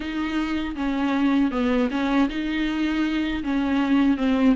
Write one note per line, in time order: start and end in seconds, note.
0.00 0.75 D#4
0.75 1.51 C#4
1.51 1.88 B3
1.90 2.28 C#4
2.29 3.43 D#4
3.43 4.17 C#4
4.17 4.55 C4